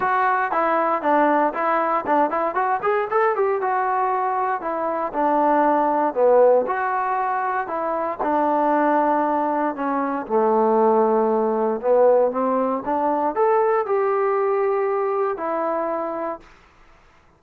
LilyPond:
\new Staff \with { instrumentName = "trombone" } { \time 4/4 \tempo 4 = 117 fis'4 e'4 d'4 e'4 | d'8 e'8 fis'8 gis'8 a'8 g'8 fis'4~ | fis'4 e'4 d'2 | b4 fis'2 e'4 |
d'2. cis'4 | a2. b4 | c'4 d'4 a'4 g'4~ | g'2 e'2 | }